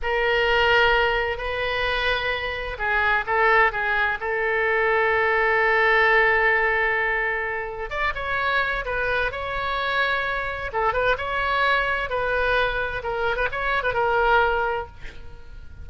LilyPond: \new Staff \with { instrumentName = "oboe" } { \time 4/4 \tempo 4 = 129 ais'2. b'4~ | b'2 gis'4 a'4 | gis'4 a'2.~ | a'1~ |
a'4 d''8 cis''4. b'4 | cis''2. a'8 b'8 | cis''2 b'2 | ais'8. b'16 cis''8. b'16 ais'2 | }